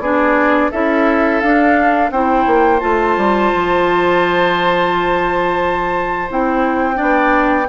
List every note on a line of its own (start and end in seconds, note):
0.00 0.70 B3
0.00 0.73 D4
0.00 0.71 G#4
0.00 0.71 D5
0.71 1.43 C#4
0.71 1.42 E4
0.71 2.11 A4
0.71 1.41 E5
1.41 2.11 D4
1.41 2.13 D4
1.41 2.11 F5
2.11 2.46 C4
2.11 2.80 E4
2.11 6.97 C5
2.11 2.80 G5
2.47 2.82 A#3
2.80 3.18 A3
2.80 6.28 F4
2.80 6.29 A5
3.18 3.52 G3
3.55 6.31 F3
6.30 7.00 C4
6.30 6.95 E4
6.30 7.69 G5
6.95 7.69 B3
6.95 7.65 D4
6.95 7.67 D5